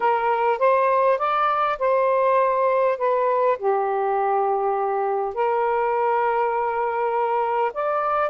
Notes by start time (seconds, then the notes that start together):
0.00 A#4
0.58 C5
1.18 D5
1.78 C5
2.98 B4
3.58 G4
5.34 A#4
7.73 D5